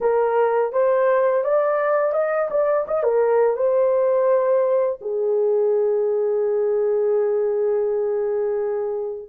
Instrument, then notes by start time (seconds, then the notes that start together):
horn
0.01 A#4
0.72 C5
1.44 D5
2.12 D#5
2.50 D5
2.87 D#5
3.03 A#4
3.56 C5
5.01 G#4